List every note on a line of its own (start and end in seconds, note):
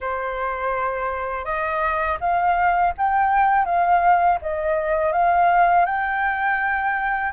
0.00 1.44 C5
1.44 2.18 D#5
2.20 2.93 F5
2.97 3.65 G5
3.65 4.38 F5
4.41 5.12 D#5
5.12 5.85 F5
5.85 7.32 G5